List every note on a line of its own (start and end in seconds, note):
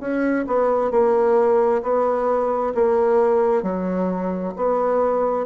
0.00 0.45 C#4
0.47 0.91 B3
0.91 1.82 A#3
1.83 2.74 B3
2.74 3.63 A#3
3.63 4.54 F#3
4.56 5.46 B3